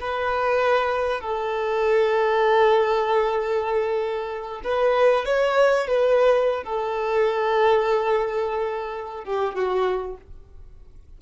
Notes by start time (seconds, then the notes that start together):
0.00 B4
1.21 A4
4.64 B4
5.25 C#5
5.87 B4
6.63 A4
9.24 G4
9.55 F#4